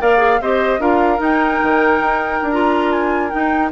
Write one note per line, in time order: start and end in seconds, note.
0.00 0.41 A#3
0.00 0.17 A#4
0.00 0.41 D5
0.00 0.42 F5
0.17 0.37 G#4
0.41 0.79 C4
0.41 0.80 G4
0.41 0.81 C5
0.41 0.81 D#5
0.79 1.19 D4
0.79 1.17 F4
0.79 3.71 A#4
0.79 1.22 F5
1.17 2.48 D#4
1.17 1.60 D#4
1.17 2.51 G5
1.63 2.00 D#3
2.00 2.40 D#4
2.42 3.33 D4
2.51 3.31 F4
2.51 2.92 A#5
2.92 3.30 G#5
3.30 3.71 D#4
3.30 3.70 G5